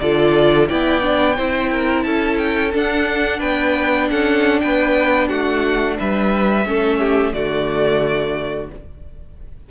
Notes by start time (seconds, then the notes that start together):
0.00 D3 F4 A4 D5
0.68 B3 E4 D5 G5
1.02 D4
1.36 C4 E4 C5
1.71 A#4
2.03 C#4 A4 A5
2.38 G5
2.72 D4 F#5
3.40 B3 B4 G5
4.11 C#4 A4 F#5
4.60 B3 B4 G5
5.28 A3 F#4 F#5
5.99 G3 B4 E5
6.65 A3 C#4 A4
6.99 G4
7.34 D3 A3 F#4 D5